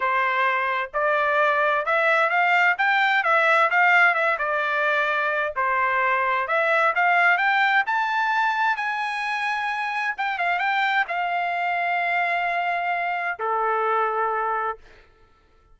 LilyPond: \new Staff \with { instrumentName = "trumpet" } { \time 4/4 \tempo 4 = 130 c''2 d''2 | e''4 f''4 g''4 e''4 | f''4 e''8 d''2~ d''8 | c''2 e''4 f''4 |
g''4 a''2 gis''4~ | gis''2 g''8 f''8 g''4 | f''1~ | f''4 a'2. | }